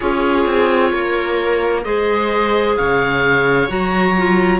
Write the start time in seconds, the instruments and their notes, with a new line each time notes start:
0.00 cello C#4, clarinet F4, viola G#4, oboe C#5
0.46 cello C4
0.92 cello A#3, viola A#4
1.83 cello G#3, clarinet G#4, viola C5, oboe D#5
2.76 cello C#3, viola C#5, oboe F5
3.68 cello F#3, clarinet F#4, oboe A#5
4.17 clarinet F4